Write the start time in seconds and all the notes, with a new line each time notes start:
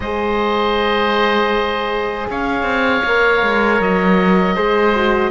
0.00 G#3 G#4 C5 D#5
2.30 C#4 C#5 F5
2.62 C4
3.04 A#3 A#4
3.42 G#3
3.80 F#3 D#5
4.55 G#3 G#4 C5
4.95 F#4